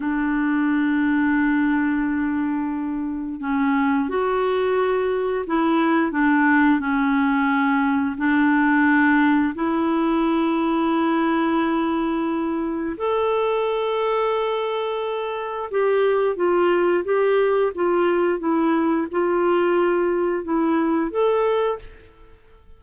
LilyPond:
\new Staff \with { instrumentName = "clarinet" } { \time 4/4 \tempo 4 = 88 d'1~ | d'4 cis'4 fis'2 | e'4 d'4 cis'2 | d'2 e'2~ |
e'2. a'4~ | a'2. g'4 | f'4 g'4 f'4 e'4 | f'2 e'4 a'4 | }